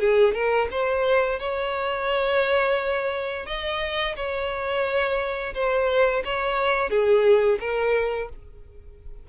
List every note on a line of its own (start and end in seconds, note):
0.00 0.34 G#4
0.34 0.68 A#4
0.71 1.39 C5
1.39 3.46 C#5
3.46 4.15 D#5
4.16 5.54 C#5
5.54 6.23 C5
6.24 6.90 C#5
6.90 7.59 G#4
7.60 8.29 A#4